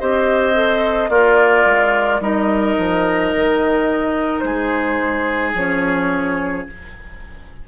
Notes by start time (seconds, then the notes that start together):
0.00 C4 G4 C5 D#5
0.54 A4
1.10 A#3 F4 A#4 D5
1.66 G#3
2.21 G3 D#4 A#4 D#5
2.78 F3
3.36 D#3
4.40 G#3 G#4 C5
5.55 F3 C#4 C#5